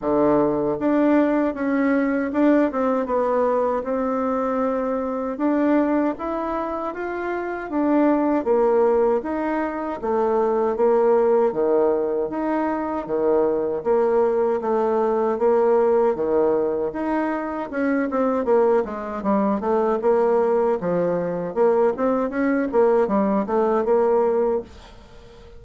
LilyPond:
\new Staff \with { instrumentName = "bassoon" } { \time 4/4 \tempo 4 = 78 d4 d'4 cis'4 d'8 c'8 | b4 c'2 d'4 | e'4 f'4 d'4 ais4 | dis'4 a4 ais4 dis4 |
dis'4 dis4 ais4 a4 | ais4 dis4 dis'4 cis'8 c'8 | ais8 gis8 g8 a8 ais4 f4 | ais8 c'8 cis'8 ais8 g8 a8 ais4 | }